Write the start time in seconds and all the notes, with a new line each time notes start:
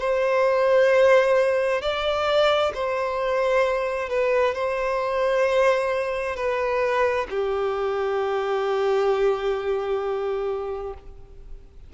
0.00 C5
1.82 D5
2.74 C5
4.10 B4
4.55 C5
6.36 B4
7.30 G4